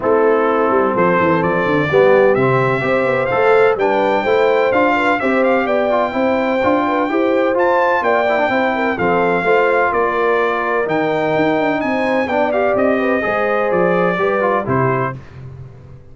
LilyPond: <<
  \new Staff \with { instrumentName = "trumpet" } { \time 4/4 \tempo 4 = 127 a'2 c''4 d''4~ | d''4 e''2 f''4 | g''2 f''4 e''8 f''8 | g''1 |
a''4 g''2 f''4~ | f''4 d''2 g''4~ | g''4 gis''4 g''8 f''8 dis''4~ | dis''4 d''2 c''4 | }
  \new Staff \with { instrumentName = "horn" } { \time 4/4 e'2 a'2 | g'2 c''2 | b'4 c''4. b'8 c''4 | d''4 c''4. b'8 c''4~ |
c''4 d''4 c''8 ais'8 a'4 | c''4 ais'2.~ | ais'4 c''4 d''4. b'8 | c''2 b'4 g'4 | }
  \new Staff \with { instrumentName = "trombone" } { \time 4/4 c'1 | b4 c'4 g'4 a'4 | d'4 e'4 f'4 g'4~ | g'8 f'8 e'4 f'4 g'4 |
f'4. e'16 d'16 e'4 c'4 | f'2. dis'4~ | dis'2 d'8 g'4. | gis'2 g'8 f'8 e'4 | }
  \new Staff \with { instrumentName = "tuba" } { \time 4/4 a4. g8 f8 e8 f8 d8 | g4 c4 c'8 b8 a4 | g4 a4 d'4 c'4 | b4 c'4 d'4 e'4 |
f'4 ais4 c'4 f4 | a4 ais2 dis4 | dis'8 d'8 c'4 b4 c'4 | gis4 f4 g4 c4 | }
>>